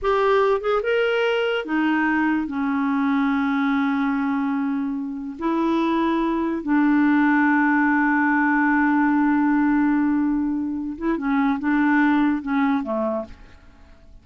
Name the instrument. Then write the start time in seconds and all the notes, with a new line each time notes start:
clarinet
0.02 G4
0.60 G#4
0.82 A#4
1.65 D#4
2.47 C#4
5.38 E4
6.62 D4
10.97 E4
11.17 C#4
11.59 D4
12.42 C#4
12.83 A3